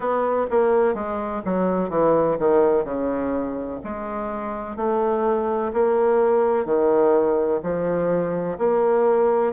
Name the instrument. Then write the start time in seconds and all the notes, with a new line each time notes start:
bassoon
0.00 B3
0.50 A#3
0.94 G#3
1.45 F#3
1.89 E3
2.38 D#3
2.84 C#3
3.84 G#3
4.76 A3
5.73 A#3
6.65 D#3
7.62 F3
8.58 A#3